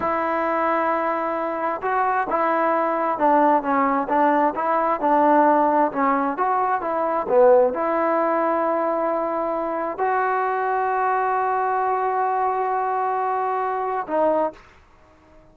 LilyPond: \new Staff \with { instrumentName = "trombone" } { \time 4/4 \tempo 4 = 132 e'1 | fis'4 e'2 d'4 | cis'4 d'4 e'4 d'4~ | d'4 cis'4 fis'4 e'4 |
b4 e'2.~ | e'2 fis'2~ | fis'1~ | fis'2. dis'4 | }